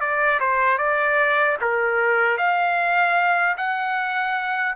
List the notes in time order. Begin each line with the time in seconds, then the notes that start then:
0.00 D5
0.40 C5
0.78 D5
1.61 A#4
2.37 F5
3.57 F#5